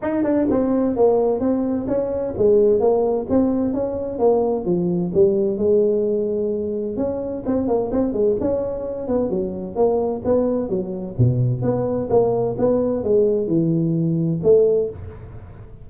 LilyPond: \new Staff \with { instrumentName = "tuba" } { \time 4/4 \tempo 4 = 129 dis'8 d'8 c'4 ais4 c'4 | cis'4 gis4 ais4 c'4 | cis'4 ais4 f4 g4 | gis2. cis'4 |
c'8 ais8 c'8 gis8 cis'4. b8 | fis4 ais4 b4 fis4 | b,4 b4 ais4 b4 | gis4 e2 a4 | }